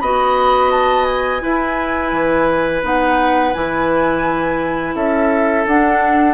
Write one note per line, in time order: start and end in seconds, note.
0.00 1.42 B3
0.00 1.41 F#4
0.00 1.42 D#5
0.00 0.71 B5
0.71 1.05 A5
1.05 2.82 G#5
1.41 2.82 E4
1.41 2.12 E4
1.41 4.95 B4
2.12 2.82 E3
2.82 3.54 B3
2.82 3.53 D#4
2.82 3.54 F#5
3.54 4.95 E3
3.54 5.66 E4
3.54 4.95 G#5
4.95 5.65 C#4
4.95 6.34 A4
4.95 5.66 E5
5.66 6.34 D4
5.66 6.34 F#5